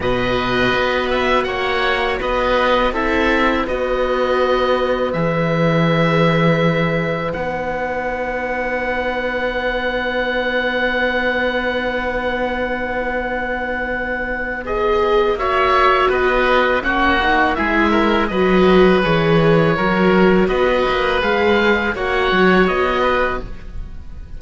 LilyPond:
<<
  \new Staff \with { instrumentName = "oboe" } { \time 4/4 \tempo 4 = 82 dis''4. e''8 fis''4 dis''4 | e''4 dis''2 e''4~ | e''2 fis''2~ | fis''1~ |
fis''1 | dis''4 e''4 dis''4 fis''4 | e''4 dis''4 cis''2 | dis''4 f''4 fis''4 dis''4 | }
  \new Staff \with { instrumentName = "oboe" } { \time 4/4 b'2 cis''4 b'4 | a'4 b'2.~ | b'1~ | b'1~ |
b'1~ | b'4 cis''4 b'4 fis'4 | gis'8 ais'8 b'2 ais'4 | b'2 cis''4. b'8 | }
  \new Staff \with { instrumentName = "viola" } { \time 4/4 fis'1 | e'4 fis'2 gis'4~ | gis'2 dis'2~ | dis'1~ |
dis'1 | gis'4 fis'2 cis'8 dis'8 | e'4 fis'4 gis'4 fis'4~ | fis'4 gis'4 fis'2 | }
  \new Staff \with { instrumentName = "cello" } { \time 4/4 b,4 b4 ais4 b4 | c'4 b2 e4~ | e2 b2~ | b1~ |
b1~ | b4 ais4 b4 ais4 | gis4 fis4 e4 fis4 | b8 ais8 gis4 ais8 fis8 b4 | }
>>